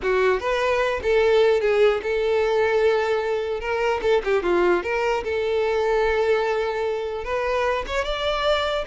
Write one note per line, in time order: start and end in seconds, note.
0.02 0.40 F#4
0.40 1.00 B4
1.03 1.61 A4
1.61 2.01 G#4
2.02 3.60 A4
3.60 4.00 A#4
4.02 4.22 A4
4.24 4.43 G4
4.43 4.83 F4
4.83 5.23 A#4
5.24 7.24 A4
7.24 7.84 B4
7.86 8.04 C#5
8.04 8.85 D5